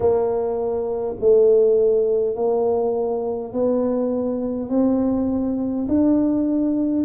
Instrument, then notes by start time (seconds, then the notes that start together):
tuba
0.00 A#3
1.20 A3
2.35 A#3
3.52 B3
4.69 C4
5.88 D4